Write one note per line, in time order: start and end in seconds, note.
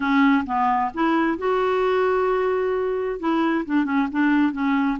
0.00 0.44 C#4
0.45 0.91 B3
0.94 1.38 E4
1.38 3.19 F#4
3.19 3.65 E4
3.65 3.85 D4
3.85 4.07 C#4
4.11 4.52 D4
4.52 4.98 C#4